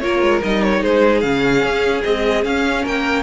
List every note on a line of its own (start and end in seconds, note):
0.00 0.22 A#3
0.00 0.42 F4
0.00 0.81 A#4
0.00 0.40 C#5
0.22 0.42 G#3
0.44 0.84 G3
0.44 1.23 D#4
0.44 0.63 D#5
0.63 0.83 C#5
0.81 1.23 G#3
0.81 2.83 G#4
0.81 1.21 C5
1.21 1.63 C#3
1.21 2.04 C#4
1.21 2.01 F5
1.63 2.03 C#4
2.04 2.44 G#3
2.04 2.45 C4
2.04 2.44 D#5
2.44 3.23 C#4
2.44 2.85 C#4
2.44 2.85 F5
2.83 3.23 A#3
2.83 3.23 A#4
2.83 3.23 G5